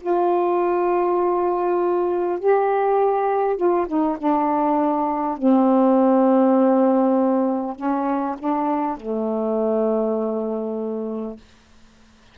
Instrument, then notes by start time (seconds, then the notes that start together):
saxophone
0.00 F4
2.39 G4
3.57 F4
3.87 D#4
4.18 D4
5.37 C4
7.76 C#4
8.38 D4
8.97 A3